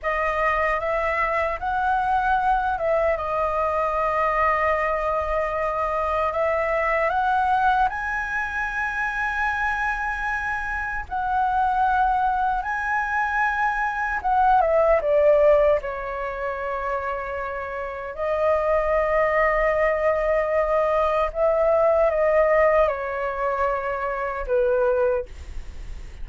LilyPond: \new Staff \with { instrumentName = "flute" } { \time 4/4 \tempo 4 = 76 dis''4 e''4 fis''4. e''8 | dis''1 | e''4 fis''4 gis''2~ | gis''2 fis''2 |
gis''2 fis''8 e''8 d''4 | cis''2. dis''4~ | dis''2. e''4 | dis''4 cis''2 b'4 | }